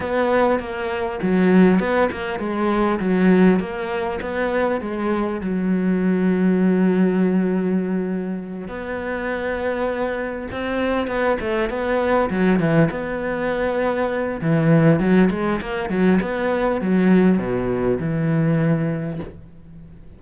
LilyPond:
\new Staff \with { instrumentName = "cello" } { \time 4/4 \tempo 4 = 100 b4 ais4 fis4 b8 ais8 | gis4 fis4 ais4 b4 | gis4 fis2.~ | fis2~ fis8 b4.~ |
b4. c'4 b8 a8 b8~ | b8 fis8 e8 b2~ b8 | e4 fis8 gis8 ais8 fis8 b4 | fis4 b,4 e2 | }